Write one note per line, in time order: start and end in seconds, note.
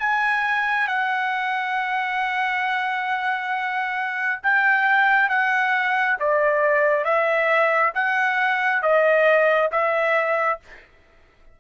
0.00 0.88 G#5
0.88 4.41 F#5
4.43 5.29 G5
5.29 6.17 F#5
6.20 7.05 D5
7.05 7.93 E5
7.95 8.82 F#5
8.82 9.71 D#5
9.72 10.60 E5